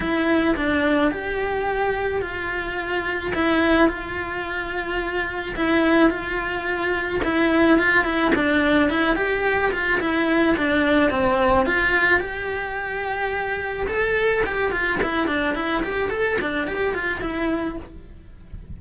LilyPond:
\new Staff \with { instrumentName = "cello" } { \time 4/4 \tempo 4 = 108 e'4 d'4 g'2 | f'2 e'4 f'4~ | f'2 e'4 f'4~ | f'4 e'4 f'8 e'8 d'4 |
e'8 g'4 f'8 e'4 d'4 | c'4 f'4 g'2~ | g'4 a'4 g'8 f'8 e'8 d'8 | e'8 g'8 a'8 d'8 g'8 f'8 e'4 | }